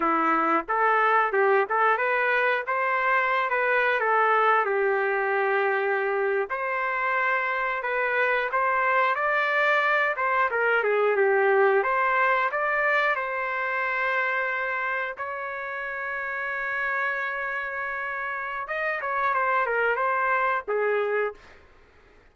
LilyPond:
\new Staff \with { instrumentName = "trumpet" } { \time 4/4 \tempo 4 = 90 e'4 a'4 g'8 a'8 b'4 | c''4~ c''16 b'8. a'4 g'4~ | g'4.~ g'16 c''2 b'16~ | b'8. c''4 d''4. c''8 ais'16~ |
ais'16 gis'8 g'4 c''4 d''4 c''16~ | c''2~ c''8. cis''4~ cis''16~ | cis''1 | dis''8 cis''8 c''8 ais'8 c''4 gis'4 | }